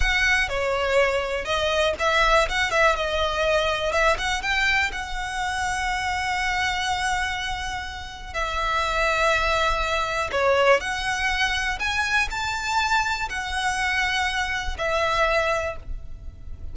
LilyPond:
\new Staff \with { instrumentName = "violin" } { \time 4/4 \tempo 4 = 122 fis''4 cis''2 dis''4 | e''4 fis''8 e''8 dis''2 | e''8 fis''8 g''4 fis''2~ | fis''1~ |
fis''4 e''2.~ | e''4 cis''4 fis''2 | gis''4 a''2 fis''4~ | fis''2 e''2 | }